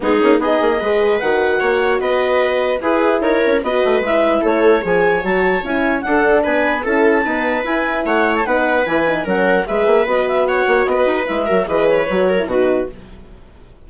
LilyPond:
<<
  \new Staff \with { instrumentName = "clarinet" } { \time 4/4 \tempo 4 = 149 gis'4 dis''2 fis''4~ | fis''4 dis''2 b'4 | cis''4 dis''4 e''4 cis''4 | gis''4 a''4 gis''4 fis''4 |
gis''4 a''2 gis''4 | fis''8. a''16 fis''4 gis''4 fis''4 | e''4 dis''8 e''8 fis''4 dis''4 | e''4 dis''8 cis''4. b'4 | }
  \new Staff \with { instrumentName = "viola" } { \time 4/4 dis'4 gis'4 b'2 | cis''4 b'2 gis'4 | ais'4 b'2 a'4 | cis''2. a'4 |
b'4 a'4 b'2 | cis''4 b'2 ais'4 | b'2 cis''4 b'4~ | b'8 ais'8 b'4. ais'8 fis'4 | }
  \new Staff \with { instrumentName = "horn" } { \time 4/4 b8 cis'8 dis'4 gis'4 fis'4~ | fis'2. e'4~ | e'4 fis'4 e'2 | gis'4 fis'4 e'4 d'4~ |
d'4 e'4 b4 e'4~ | e'4 dis'4 e'8 dis'8 cis'4 | gis'4 fis'2. | e'8 fis'8 gis'4 fis'8. e'16 dis'4 | }
  \new Staff \with { instrumentName = "bassoon" } { \time 4/4 gis8 ais8 b8 ais8 gis4 dis4 | ais4 b2 e'4 | dis'8 cis'8 b8 a8 gis4 a4 | f4 fis4 cis'4 d'4 |
b4 cis'4 dis'4 e'4 | a4 b4 e4 fis4 | gis8 ais8 b4. ais8 b8 dis'8 | gis8 fis8 e4 fis4 b,4 | }
>>